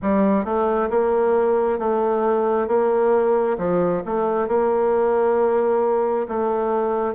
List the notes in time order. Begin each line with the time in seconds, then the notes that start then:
0.02 G3
0.44 A3
0.90 A#3
1.78 A3
2.67 A#3
3.58 F3
4.05 A3
4.48 A#3
6.28 A3